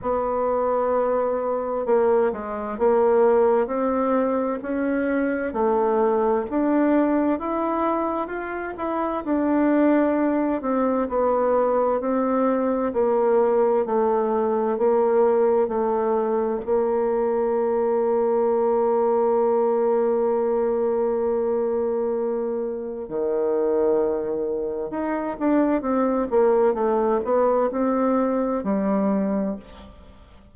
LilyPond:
\new Staff \with { instrumentName = "bassoon" } { \time 4/4 \tempo 4 = 65 b2 ais8 gis8 ais4 | c'4 cis'4 a4 d'4 | e'4 f'8 e'8 d'4. c'8 | b4 c'4 ais4 a4 |
ais4 a4 ais2~ | ais1~ | ais4 dis2 dis'8 d'8 | c'8 ais8 a8 b8 c'4 g4 | }